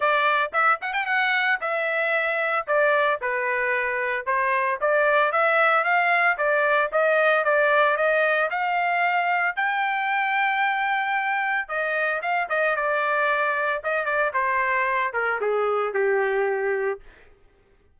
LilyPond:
\new Staff \with { instrumentName = "trumpet" } { \time 4/4 \tempo 4 = 113 d''4 e''8 fis''16 g''16 fis''4 e''4~ | e''4 d''4 b'2 | c''4 d''4 e''4 f''4 | d''4 dis''4 d''4 dis''4 |
f''2 g''2~ | g''2 dis''4 f''8 dis''8 | d''2 dis''8 d''8 c''4~ | c''8 ais'8 gis'4 g'2 | }